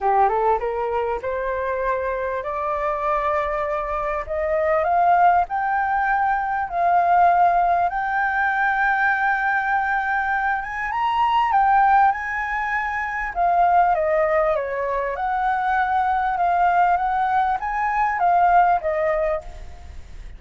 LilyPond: \new Staff \with { instrumentName = "flute" } { \time 4/4 \tempo 4 = 99 g'8 a'8 ais'4 c''2 | d''2. dis''4 | f''4 g''2 f''4~ | f''4 g''2.~ |
g''4. gis''8 ais''4 g''4 | gis''2 f''4 dis''4 | cis''4 fis''2 f''4 | fis''4 gis''4 f''4 dis''4 | }